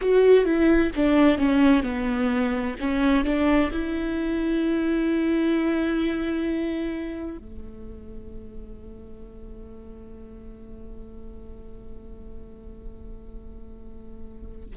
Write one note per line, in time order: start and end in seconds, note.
0.01 0.44 F#4
0.44 0.90 E4
0.95 1.38 D4
1.38 1.83 C#4
1.83 2.75 B3
2.79 3.24 C#4
3.24 3.70 D4
3.71 7.37 E4
7.37 14.76 A3